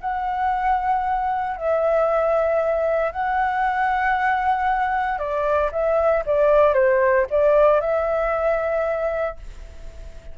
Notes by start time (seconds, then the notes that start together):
0.00 F#5
1.56 E5
3.11 F#5
5.18 D5
5.71 E5
6.25 D5
6.74 C5
7.29 D5
7.80 E5